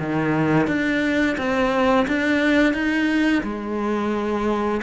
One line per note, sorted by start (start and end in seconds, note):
0.00 0.68 D#3
0.68 1.37 D4
1.38 2.07 C4
2.08 2.74 D4
2.74 3.43 D#4
3.44 4.82 G#3